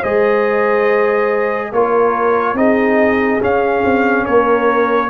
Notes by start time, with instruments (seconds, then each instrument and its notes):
0.00 tuba G#3, trombone G#4, horn C5, trumpet D#5
1.71 tuba A#3, trombone F4, horn A#4, trumpet C#5
2.54 tuba C4, trombone D#4, horn G#4, trumpet D#5
3.41 tuba C#4, trombone C#4, trumpet F5
3.84 tuba C4
4.25 tuba A#3, horn A#4, trumpet C#5